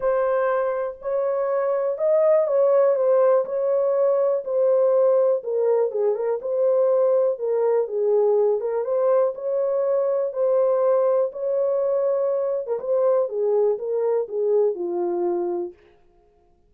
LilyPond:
\new Staff \with { instrumentName = "horn" } { \time 4/4 \tempo 4 = 122 c''2 cis''2 | dis''4 cis''4 c''4 cis''4~ | cis''4 c''2 ais'4 | gis'8 ais'8 c''2 ais'4 |
gis'4. ais'8 c''4 cis''4~ | cis''4 c''2 cis''4~ | cis''4.~ cis''16 ais'16 c''4 gis'4 | ais'4 gis'4 f'2 | }